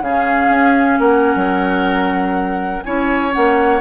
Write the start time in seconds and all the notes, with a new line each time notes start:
0.00 C#3 C#4 G#4 F5
0.49 C#4
0.99 A#3 A#4 F#5
1.35 F#3
2.83 C#4 E4 C#5 G#5
3.31 A#3 C#4 F#5